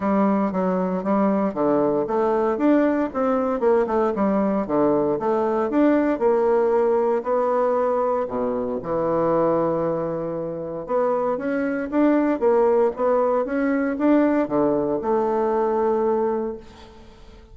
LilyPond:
\new Staff \with { instrumentName = "bassoon" } { \time 4/4 \tempo 4 = 116 g4 fis4 g4 d4 | a4 d'4 c'4 ais8 a8 | g4 d4 a4 d'4 | ais2 b2 |
b,4 e2.~ | e4 b4 cis'4 d'4 | ais4 b4 cis'4 d'4 | d4 a2. | }